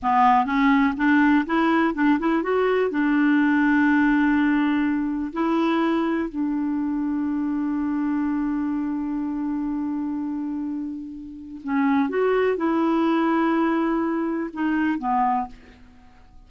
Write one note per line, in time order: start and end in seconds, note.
0.02 0.45 B3
0.45 0.94 C#4
0.97 1.45 D4
1.46 1.94 E4
1.94 2.18 D4
2.19 2.42 E4
2.42 2.90 F#4
2.90 5.32 D4
5.32 6.29 E4
6.29 11.61 D4
11.63 12.09 C#4
12.09 12.57 F#4
12.57 14.50 E4
14.53 14.98 D#4
14.98 15.47 B3